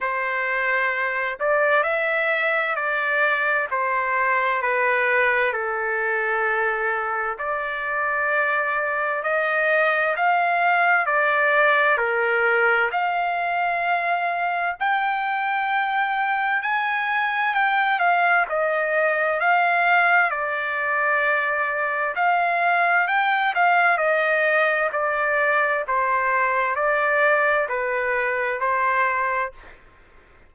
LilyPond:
\new Staff \with { instrumentName = "trumpet" } { \time 4/4 \tempo 4 = 65 c''4. d''8 e''4 d''4 | c''4 b'4 a'2 | d''2 dis''4 f''4 | d''4 ais'4 f''2 |
g''2 gis''4 g''8 f''8 | dis''4 f''4 d''2 | f''4 g''8 f''8 dis''4 d''4 | c''4 d''4 b'4 c''4 | }